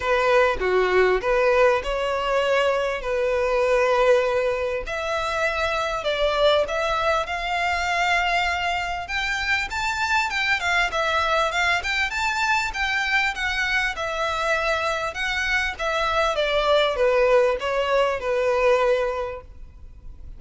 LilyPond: \new Staff \with { instrumentName = "violin" } { \time 4/4 \tempo 4 = 99 b'4 fis'4 b'4 cis''4~ | cis''4 b'2. | e''2 d''4 e''4 | f''2. g''4 |
a''4 g''8 f''8 e''4 f''8 g''8 | a''4 g''4 fis''4 e''4~ | e''4 fis''4 e''4 d''4 | b'4 cis''4 b'2 | }